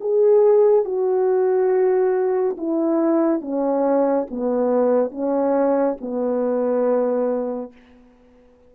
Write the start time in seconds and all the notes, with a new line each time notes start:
0.00 G#4
0.85 F#4
2.58 E4
3.41 C#4
4.31 B3
5.11 C#4
6.01 B3